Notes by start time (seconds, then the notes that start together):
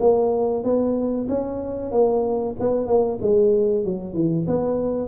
0.00 A#3
0.64 B3
1.29 C#4
1.91 A#3
2.60 B3
2.87 A#3
3.22 G#3
3.85 F#3
4.14 E3
4.47 B3